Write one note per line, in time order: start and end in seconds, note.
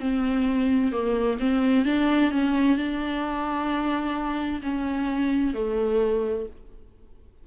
0.00 0.92 C4
0.92 1.38 A#3
1.39 1.85 C4
1.85 2.31 D4
2.31 2.77 C#4
2.77 4.62 D4
4.62 5.54 C#4
5.54 6.46 A3